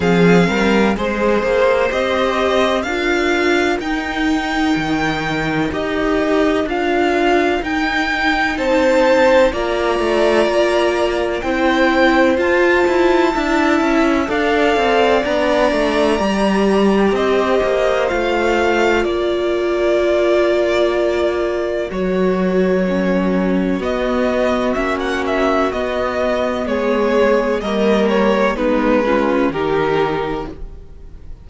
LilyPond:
<<
  \new Staff \with { instrumentName = "violin" } { \time 4/4 \tempo 4 = 63 f''4 c''4 dis''4 f''4 | g''2 dis''4 f''4 | g''4 a''4 ais''2 | g''4 a''2 f''4 |
ais''2 dis''4 f''4 | d''2. cis''4~ | cis''4 dis''4 e''16 fis''16 e''8 dis''4 | cis''4 dis''8 cis''8 b'4 ais'4 | }
  \new Staff \with { instrumentName = "violin" } { \time 4/4 gis'8 ais'8 c''2 ais'4~ | ais'1~ | ais'4 c''4 d''2 | c''2 e''4 d''4~ |
d''2 c''2 | ais'1~ | ais'4 fis'2. | gis'4 ais'4 dis'8 f'8 g'4 | }
  \new Staff \with { instrumentName = "viola" } { \time 4/4 c'4 gis'4 g'4 f'4 | dis'2 g'4 f'4 | dis'2 f'2 | e'4 f'4 e'4 a'4 |
d'4 g'2 f'4~ | f'2. fis'4 | cis'4 b4 cis'4 b4~ | b4 ais4 b8 cis'8 dis'4 | }
  \new Staff \with { instrumentName = "cello" } { \time 4/4 f8 g8 gis8 ais8 c'4 d'4 | dis'4 dis4 dis'4 d'4 | dis'4 c'4 ais8 a8 ais4 | c'4 f'8 e'8 d'8 cis'8 d'8 c'8 |
b8 a8 g4 c'8 ais8 a4 | ais2. fis4~ | fis4 b4 ais4 b4 | gis4 g4 gis4 dis4 | }
>>